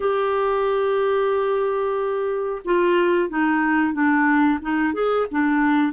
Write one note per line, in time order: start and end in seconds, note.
0.00 2.61 G4
2.64 3.29 F4
3.29 3.93 D#4
3.93 4.59 D4
4.61 4.93 D#4
4.93 5.26 G#4
5.31 5.93 D4